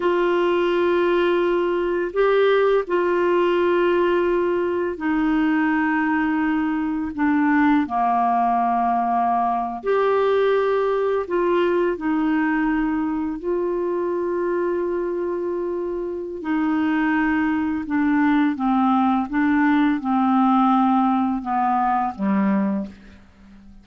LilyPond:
\new Staff \with { instrumentName = "clarinet" } { \time 4/4 \tempo 4 = 84 f'2. g'4 | f'2. dis'4~ | dis'2 d'4 ais4~ | ais4.~ ais16 g'2 f'16~ |
f'8. dis'2 f'4~ f'16~ | f'2. dis'4~ | dis'4 d'4 c'4 d'4 | c'2 b4 g4 | }